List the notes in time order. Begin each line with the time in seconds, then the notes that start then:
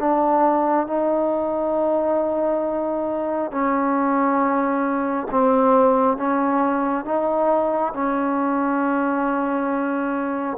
0.00 D4
0.87 D#4
3.52 C#4
5.31 C4
6.18 C#4
7.05 D#4
7.94 C#4